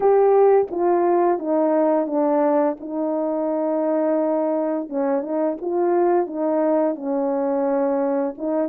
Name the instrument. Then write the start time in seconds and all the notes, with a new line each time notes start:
horn
0.00 G4
0.70 F4
1.39 D#4
2.06 D4
2.80 D#4
4.89 C#4
5.21 D#4
5.61 F4
6.26 D#4
6.95 C#4
8.37 D#4